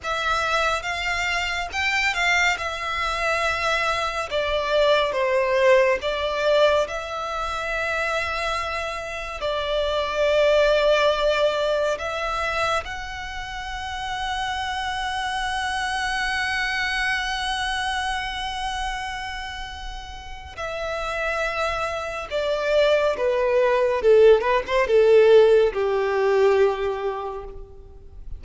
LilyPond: \new Staff \with { instrumentName = "violin" } { \time 4/4 \tempo 4 = 70 e''4 f''4 g''8 f''8 e''4~ | e''4 d''4 c''4 d''4 | e''2. d''4~ | d''2 e''4 fis''4~ |
fis''1~ | fis''1 | e''2 d''4 b'4 | a'8 b'16 c''16 a'4 g'2 | }